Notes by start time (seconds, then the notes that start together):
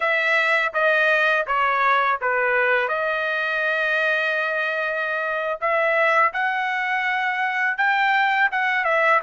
0.00 E5
0.73 D#5
1.47 C#5
2.21 B4
2.88 D#5
5.60 E5
6.33 F#5
7.77 G5
8.51 F#5
8.84 E5